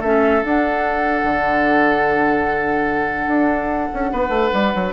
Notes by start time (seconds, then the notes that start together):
0.00 A3 C#4 A4 E5
0.42 D4 F#5
1.23 D3
3.28 D4
3.94 C#4
4.12 B3 B4
4.29 A3
4.54 G3
4.75 F#3